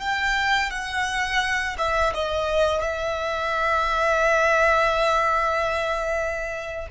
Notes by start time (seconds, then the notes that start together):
0.00 G5
0.71 F#5
1.78 E5
2.14 D#5
2.82 E5